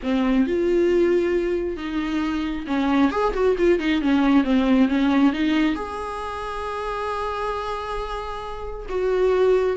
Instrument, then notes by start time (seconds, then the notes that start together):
viola
0.02 C4
0.47 F4
1.77 D#4
2.66 C#4
3.11 G#4
3.33 F#4
3.57 F4
3.79 D#4
4.01 C#4
4.44 C4
4.88 C#4
5.32 D#4
5.75 G#4
8.89 F#4